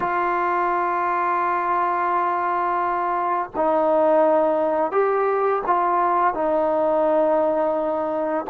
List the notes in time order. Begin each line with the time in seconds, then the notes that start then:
0.00 F4
3.56 D#4
4.91 G4
5.66 F4
6.33 D#4